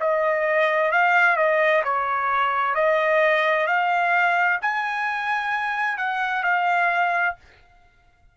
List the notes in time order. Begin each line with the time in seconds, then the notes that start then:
0.00 D#5
0.91 F5
1.36 D#5
1.84 C#5
2.74 D#5
3.67 F5
4.61 G#5
5.97 F#5
6.43 F5